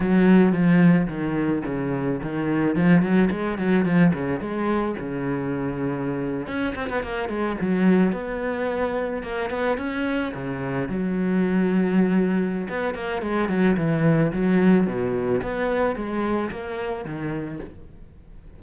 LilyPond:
\new Staff \with { instrumentName = "cello" } { \time 4/4 \tempo 4 = 109 fis4 f4 dis4 cis4 | dis4 f8 fis8 gis8 fis8 f8 cis8 | gis4 cis2~ cis8. cis'16~ | cis'16 c'16 b16 ais8 gis8 fis4 b4~ b16~ |
b8. ais8 b8 cis'4 cis4 fis16~ | fis2. b8 ais8 | gis8 fis8 e4 fis4 b,4 | b4 gis4 ais4 dis4 | }